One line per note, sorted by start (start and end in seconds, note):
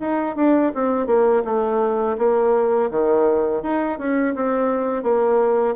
0.00 0.36 D#4
0.36 0.72 D4
0.75 1.07 C4
1.07 1.43 A#3
1.45 2.17 A3
2.18 2.90 A#3
2.91 3.63 D#3
3.63 3.99 D#4
3.99 4.35 C#4
4.35 5.03 C4
5.03 5.75 A#3